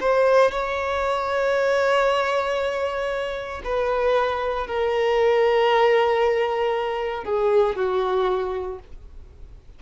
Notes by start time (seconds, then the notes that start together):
0.00 C5
0.52 C#5
3.64 B4
4.67 A#4
7.24 G#4
7.76 F#4